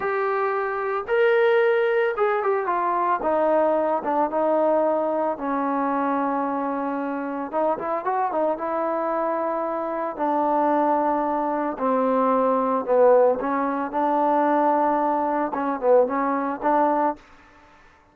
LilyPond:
\new Staff \with { instrumentName = "trombone" } { \time 4/4 \tempo 4 = 112 g'2 ais'2 | gis'8 g'8 f'4 dis'4. d'8 | dis'2 cis'2~ | cis'2 dis'8 e'8 fis'8 dis'8 |
e'2. d'4~ | d'2 c'2 | b4 cis'4 d'2~ | d'4 cis'8 b8 cis'4 d'4 | }